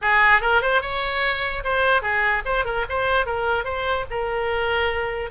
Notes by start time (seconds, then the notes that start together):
0.01 G#4
0.41 A#4
0.61 C5
0.81 C#5
1.63 C5
2.02 G#4
2.45 C5
2.65 A#4
2.89 C5
3.26 A#4
3.64 C5
4.10 A#4